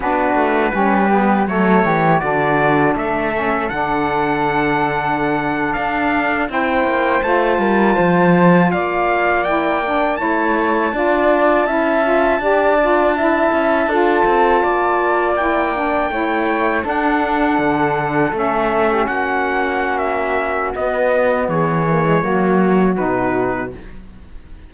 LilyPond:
<<
  \new Staff \with { instrumentName = "trumpet" } { \time 4/4 \tempo 4 = 81 b'2 cis''4 d''4 | e''4 fis''2~ fis''8. f''16~ | f''8. g''4 a''2 f''16~ | f''8. g''4 a''2~ a''16~ |
a''1~ | a''8. g''2 fis''4~ fis''16~ | fis''8. e''4 fis''4~ fis''16 e''4 | dis''4 cis''2 b'4 | }
  \new Staff \with { instrumentName = "flute" } { \time 4/4 fis'4 g'4 a'8 g'8 fis'4 | a'1~ | a'8. c''4. ais'8 c''4 d''16~ | d''4.~ d''16 cis''4 d''4 e''16~ |
e''8. d''4 e''4 a'4 d''16~ | d''4.~ d''16 cis''4 a'4~ a'16~ | a'4. g'16 fis'2~ fis'16~ | fis'4 gis'4 fis'2 | }
  \new Staff \with { instrumentName = "saxophone" } { \time 4/4 d'4 cis'8 b8 a4 d'4~ | d'8 cis'8 d'2.~ | d'8. e'4 f'2~ f'16~ | f'8. e'8 d'8 e'4 f'4 e'16~ |
e'16 f'8 g'8 f'8 e'4 f'4~ f'16~ | f'8. e'8 d'8 e'4 d'4~ d'16~ | d'8. cis'2.~ cis'16 | b4. ais16 gis16 ais4 dis'4 | }
  \new Staff \with { instrumentName = "cello" } { \time 4/4 b8 a8 g4 fis8 e8 d4 | a4 d2~ d8. d'16~ | d'8. c'8 ais8 a8 g8 f4 ais16~ | ais4.~ ais16 a4 d'4 cis'16~ |
cis'8. d'4. cis'8 d'8 c'8 ais16~ | ais4.~ ais16 a4 d'4 d16~ | d8. a4 ais2~ ais16 | b4 e4 fis4 b,4 | }
>>